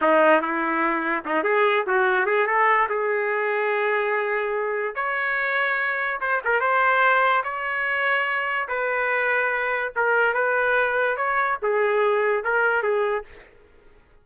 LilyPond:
\new Staff \with { instrumentName = "trumpet" } { \time 4/4 \tempo 4 = 145 dis'4 e'2 dis'8 gis'8~ | gis'8 fis'4 gis'8 a'4 gis'4~ | gis'1 | cis''2. c''8 ais'8 |
c''2 cis''2~ | cis''4 b'2. | ais'4 b'2 cis''4 | gis'2 ais'4 gis'4 | }